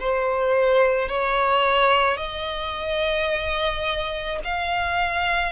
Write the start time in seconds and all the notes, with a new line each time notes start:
0.00 C5
1.09 C#5
2.17 D#5
4.44 F5